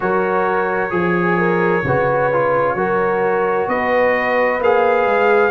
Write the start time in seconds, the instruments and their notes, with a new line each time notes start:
0.00 tuba F#3, trombone F#4, horn A#4, trumpet C#5
0.90 tuba F3, trombone G#4, horn G#4
1.38 horn A#4
1.84 tuba C#3, trombone F#4, horn B4
2.32 trombone F4
2.74 tuba F#3, trombone F#4, horn A#4
3.68 tuba B3, horn B4, trumpet D#5
4.59 tuba A#3, trombone G#4, trumpet F5
5.05 tuba G#3